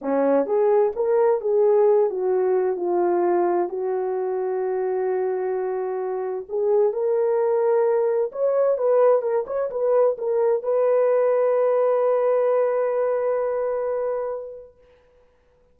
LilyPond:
\new Staff \with { instrumentName = "horn" } { \time 4/4 \tempo 4 = 130 cis'4 gis'4 ais'4 gis'4~ | gis'8 fis'4. f'2 | fis'1~ | fis'2 gis'4 ais'4~ |
ais'2 cis''4 b'4 | ais'8 cis''8 b'4 ais'4 b'4~ | b'1~ | b'1 | }